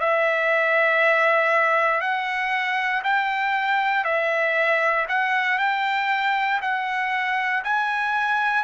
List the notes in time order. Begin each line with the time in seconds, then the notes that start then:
0.00 E5
2.01 F#5
3.04 G5
4.04 E5
5.08 F#5
5.58 G5
6.61 F#5
7.64 G#5